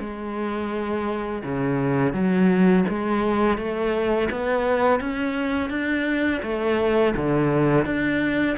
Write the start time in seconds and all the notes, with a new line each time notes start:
0.00 G#3
1.44 C#3
2.13 F#3
2.89 G#3
3.58 A3
4.31 B3
5.01 C#4
5.70 D4
6.43 A3
7.17 D3
7.85 D4